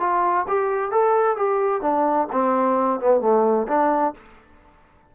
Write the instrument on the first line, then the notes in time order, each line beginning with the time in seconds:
trombone
0.00 F4
0.48 G4
0.91 A4
1.37 G4
1.81 D4
2.32 C4
3.00 B3
3.21 A3
3.68 D4